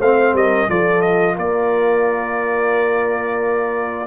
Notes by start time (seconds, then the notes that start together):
0.00 A3 C4 C5 F5
0.34 G3 A#4 D#5
0.69 F3 F4 A4 D5
1.02 D#5
1.36 A#3 A#4 D5